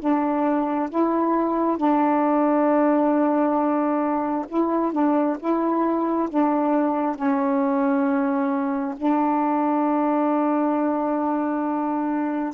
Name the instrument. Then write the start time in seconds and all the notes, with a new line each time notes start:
saxophone
0.00 D4
0.90 E4
1.77 D4
4.48 E4
4.93 D4
5.40 E4
6.29 D4
7.16 C#4
8.97 D4